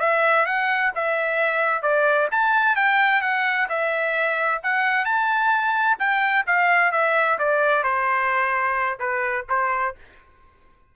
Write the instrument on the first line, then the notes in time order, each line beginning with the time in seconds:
trumpet
0.00 E5
0.46 F#5
0.95 E5
1.83 D5
2.32 A5
2.76 G5
3.22 F#5
3.69 E5
4.63 F#5
5.05 A5
5.99 G5
6.47 F5
6.92 E5
7.39 D5
7.84 C5
8.99 B4
9.49 C5